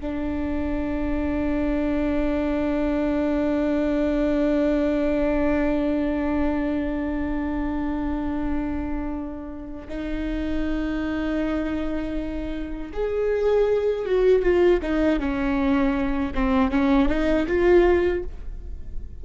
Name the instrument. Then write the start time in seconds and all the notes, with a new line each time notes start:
viola
0.00 D4
9.88 D#4
12.93 G#4
14.05 F#4
14.42 F4
14.82 D#4
15.19 C#4
16.34 C4
16.71 C#4
17.08 D#4
17.47 F4